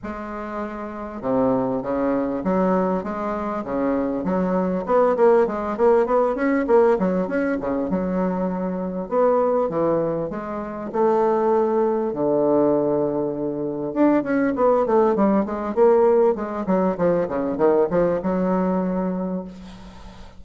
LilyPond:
\new Staff \with { instrumentName = "bassoon" } { \time 4/4 \tempo 4 = 99 gis2 c4 cis4 | fis4 gis4 cis4 fis4 | b8 ais8 gis8 ais8 b8 cis'8 ais8 fis8 | cis'8 cis8 fis2 b4 |
e4 gis4 a2 | d2. d'8 cis'8 | b8 a8 g8 gis8 ais4 gis8 fis8 | f8 cis8 dis8 f8 fis2 | }